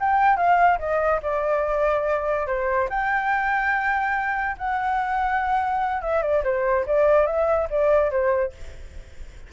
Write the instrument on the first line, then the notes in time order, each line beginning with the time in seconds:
flute
0.00 G5
0.37 F5
0.79 D#5
1.22 D5
2.47 C5
2.90 G5
4.58 F#5
6.02 E5
6.23 D5
6.44 C5
6.87 D5
7.27 E5
7.70 D5
8.11 C5